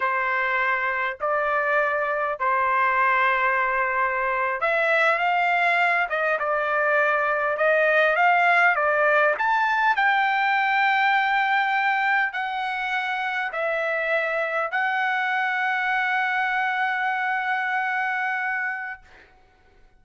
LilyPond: \new Staff \with { instrumentName = "trumpet" } { \time 4/4 \tempo 4 = 101 c''2 d''2 | c''2.~ c''8. e''16~ | e''8. f''4. dis''8 d''4~ d''16~ | d''8. dis''4 f''4 d''4 a''16~ |
a''8. g''2.~ g''16~ | g''8. fis''2 e''4~ e''16~ | e''8. fis''2.~ fis''16~ | fis''1 | }